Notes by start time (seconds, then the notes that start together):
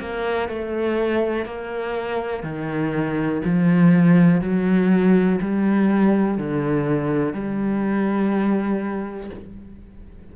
0.00 A#3
0.48 A3
1.45 A#3
2.43 D#3
3.44 F3
4.41 F#3
5.41 G3
6.38 D3
7.33 G3